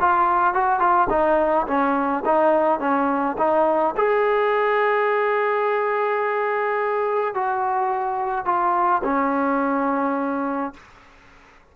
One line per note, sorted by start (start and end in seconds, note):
0.00 0.54 F4
0.54 0.80 F#4
0.80 1.08 F4
1.10 1.66 D#4
1.67 2.24 C#4
2.26 2.80 D#4
2.80 3.37 C#4
3.38 3.95 D#4
3.97 7.35 G#4
7.35 8.45 F#4
8.45 9.02 F4
9.04 10.74 C#4